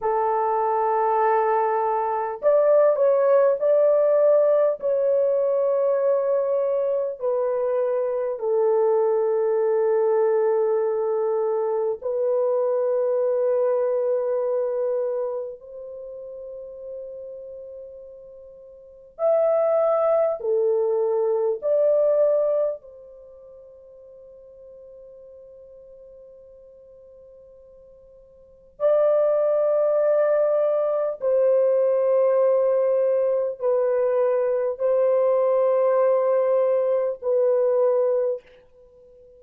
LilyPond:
\new Staff \with { instrumentName = "horn" } { \time 4/4 \tempo 4 = 50 a'2 d''8 cis''8 d''4 | cis''2 b'4 a'4~ | a'2 b'2~ | b'4 c''2. |
e''4 a'4 d''4 c''4~ | c''1 | d''2 c''2 | b'4 c''2 b'4 | }